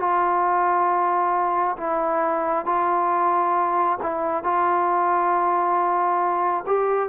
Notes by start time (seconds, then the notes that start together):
0.00 F4
1.78 E4
2.66 F4
4.03 E4
4.44 F4
6.67 G4